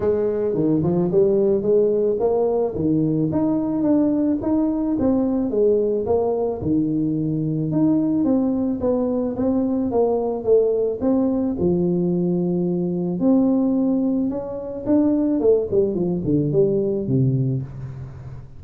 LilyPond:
\new Staff \with { instrumentName = "tuba" } { \time 4/4 \tempo 4 = 109 gis4 dis8 f8 g4 gis4 | ais4 dis4 dis'4 d'4 | dis'4 c'4 gis4 ais4 | dis2 dis'4 c'4 |
b4 c'4 ais4 a4 | c'4 f2. | c'2 cis'4 d'4 | a8 g8 f8 d8 g4 c4 | }